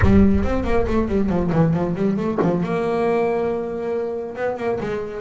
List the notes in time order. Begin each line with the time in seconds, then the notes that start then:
0.01 G3
0.43 C4
0.64 A#3
0.87 A3
1.08 G3
1.29 F3
1.52 E3
1.73 F3
1.95 G3
2.16 A3
2.42 F3
2.63 A#3
4.35 B3
4.57 A#3
4.80 G#3